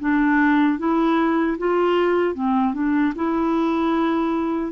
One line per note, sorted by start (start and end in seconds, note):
0.00 0.79 D4
0.79 1.58 E4
1.59 2.35 F4
2.35 2.74 C4
2.74 3.14 D4
3.16 4.73 E4